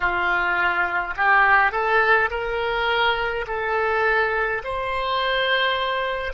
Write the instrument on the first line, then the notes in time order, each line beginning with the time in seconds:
oboe
0.00 F4
1.16 G4
1.72 A4
2.30 A#4
3.47 A4
4.64 C5